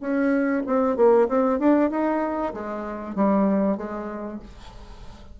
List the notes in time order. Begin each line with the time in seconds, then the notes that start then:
0.00 C#4
0.66 C4
0.96 A#3
1.28 C4
1.59 D4
1.90 D#4
2.53 G#3
3.15 G3
3.77 G#3